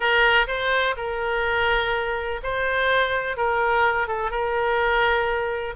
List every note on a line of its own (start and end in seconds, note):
0.00 0.46 A#4
0.47 0.95 C5
0.96 2.40 A#4
2.43 3.36 C5
3.36 4.07 A#4
4.07 4.30 A4
4.30 5.74 A#4